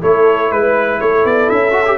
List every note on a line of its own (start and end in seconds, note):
0.00 0.52 A3
0.00 1.71 E4
0.00 0.50 A4
0.00 0.52 C#5
0.52 1.01 G#3
0.52 1.01 B4
0.52 1.02 B4
1.01 1.25 A3
1.01 1.98 A4
1.01 1.26 C#5
1.25 1.50 B3
1.25 1.50 D5
1.50 1.98 C#4
1.50 1.98 E5
1.71 1.84 F#4
1.86 1.98 G4